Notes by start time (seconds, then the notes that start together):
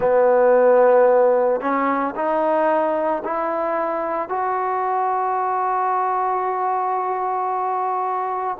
0.00 B3
1.60 C#4
2.15 D#4
3.24 E4
4.29 F#4